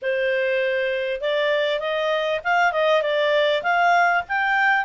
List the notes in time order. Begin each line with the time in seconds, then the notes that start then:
0.02 C5
1.20 D5
1.79 D#5
2.44 F5
2.72 D#5
3.01 D5
3.62 F5
4.28 G5